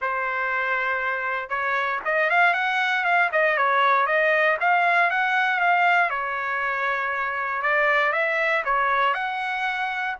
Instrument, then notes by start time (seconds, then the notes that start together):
trumpet
0.01 C5
1.49 C#5
2.04 D#5
2.30 F5
2.53 F#5
3.04 F5
3.32 D#5
3.57 C#5
4.06 D#5
4.60 F5
5.10 F#5
5.60 F5
6.10 C#5
7.62 D5
8.12 E5
8.64 C#5
9.13 F#5